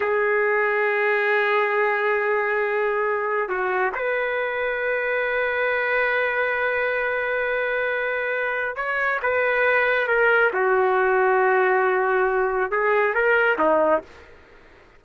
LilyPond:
\new Staff \with { instrumentName = "trumpet" } { \time 4/4 \tempo 4 = 137 gis'1~ | gis'1 | fis'4 b'2.~ | b'1~ |
b'1 | cis''4 b'2 ais'4 | fis'1~ | fis'4 gis'4 ais'4 dis'4 | }